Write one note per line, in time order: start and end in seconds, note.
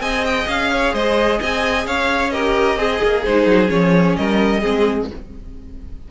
0.00 0.46 C4
0.00 2.31 G#4
0.00 0.70 D#5
0.00 0.24 G#5
0.25 0.48 G5
0.47 0.93 C#4
0.47 0.94 F5
0.71 0.93 C#5
0.93 1.39 G#3
0.93 1.39 C5
0.93 1.40 D#5
1.39 1.86 C4
1.39 1.85 D#5
1.39 1.87 G#5
1.86 2.76 C#4
1.86 2.32 C#5
1.86 2.30 F5
2.30 2.77 G4
2.30 2.78 A#4
2.30 3.22 D#5
2.76 2.99 C4
2.76 3.23 G#4
2.76 4.18 G#4
3.03 3.26 A#3
3.24 3.46 G#3
3.24 3.67 D#4
3.24 3.70 C5
3.46 3.69 F#3
3.67 4.17 F3
3.67 4.59 C#4
3.67 4.16 C#5
4.16 4.64 G3
4.16 4.60 A#4
4.16 5.08 D#5
4.60 5.11 G#3
4.60 5.08 C4
4.60 5.07 G#4